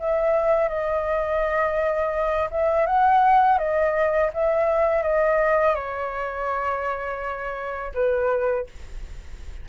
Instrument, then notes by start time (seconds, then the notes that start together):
flute
0.00 E5
0.69 D#5
2.51 E5
2.87 F#5
3.59 D#5
4.34 E5
5.03 D#5
5.76 C#5
7.95 B4